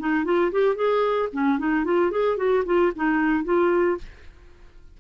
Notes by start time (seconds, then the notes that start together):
0.00 D#4
0.25 F4
0.52 G4
0.76 G#4
1.33 C#4
1.59 D#4
1.85 F4
2.12 G#4
2.38 F#4
2.66 F4
2.96 D#4
3.45 F4